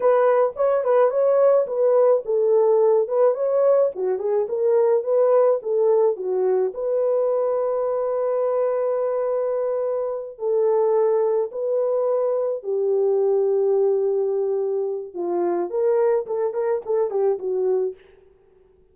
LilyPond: \new Staff \with { instrumentName = "horn" } { \time 4/4 \tempo 4 = 107 b'4 cis''8 b'8 cis''4 b'4 | a'4. b'8 cis''4 fis'8 gis'8 | ais'4 b'4 a'4 fis'4 | b'1~ |
b'2~ b'8 a'4.~ | a'8 b'2 g'4.~ | g'2. f'4 | ais'4 a'8 ais'8 a'8 g'8 fis'4 | }